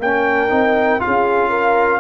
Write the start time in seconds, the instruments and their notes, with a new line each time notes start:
0.00 tuba A#3, trombone C#4, horn A#4, trumpet G5
0.49 tuba C4, trombone D#4
1.00 trombone F4, horn G#4, trumpet F5
1.07 tuba C#4
1.50 horn A#4